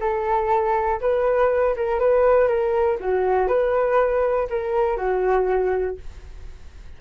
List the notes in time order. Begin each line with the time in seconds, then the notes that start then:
0.00 A4
1.00 B4
1.76 A#4
1.99 B4
2.48 A#4
3.00 F#4
3.48 B4
4.50 A#4
4.97 F#4